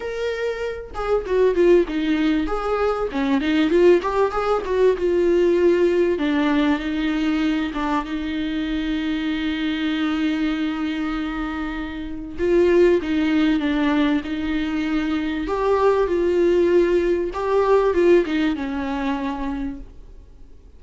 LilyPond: \new Staff \with { instrumentName = "viola" } { \time 4/4 \tempo 4 = 97 ais'4. gis'8 fis'8 f'8 dis'4 | gis'4 cis'8 dis'8 f'8 g'8 gis'8 fis'8 | f'2 d'4 dis'4~ | dis'8 d'8 dis'2.~ |
dis'1 | f'4 dis'4 d'4 dis'4~ | dis'4 g'4 f'2 | g'4 f'8 dis'8 cis'2 | }